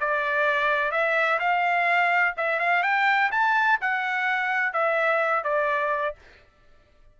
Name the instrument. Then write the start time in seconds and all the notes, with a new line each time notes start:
trumpet
0.00 D5
0.91 E5
1.39 F5
2.37 E5
2.60 F5
2.83 G5
3.31 A5
3.81 F#5
4.73 E5
5.44 D5